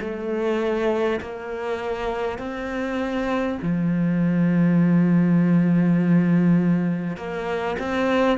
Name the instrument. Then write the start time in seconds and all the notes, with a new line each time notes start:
cello
0.00 A3
1.21 A#3
2.38 C4
3.62 F3
7.17 A#3
7.79 C4